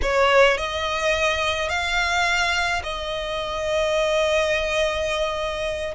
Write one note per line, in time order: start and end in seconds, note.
0.02 0.57 C#5
0.57 1.69 D#5
1.69 2.82 F5
2.83 5.94 D#5